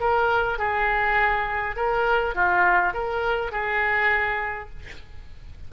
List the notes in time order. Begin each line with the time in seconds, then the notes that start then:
0.00 A#4
0.59 G#4
1.76 A#4
2.35 F4
2.94 A#4
3.52 G#4